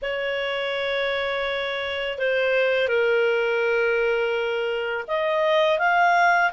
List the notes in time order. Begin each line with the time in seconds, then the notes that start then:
0.02 C#5
2.18 C5
2.88 A#4
5.07 D#5
5.78 F5